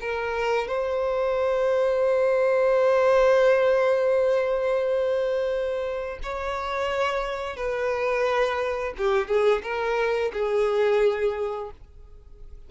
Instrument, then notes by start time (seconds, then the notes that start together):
violin
0.00 A#4
0.67 C5
6.22 C#5
7.56 B4
8.97 G4
9.27 G#4
9.62 A#4
10.32 G#4